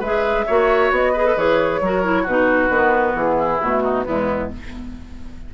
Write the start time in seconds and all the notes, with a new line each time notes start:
0.00 G#3 G#4 B4 E5
0.47 A#3 F#4 C#5
0.91 B3 D#5
1.13 G#4 B4
1.25 A4
1.37 E3 G#4 C#5
1.81 F#3 F#4 A#4
2.03 E4
2.23 B2 D#4 F#4 B4
2.70 D#3 B3
3.15 E3 G#4
3.39 E4
3.61 B2 A3 F#4
3.83 D#4
4.04 E2 G#3 B3 E4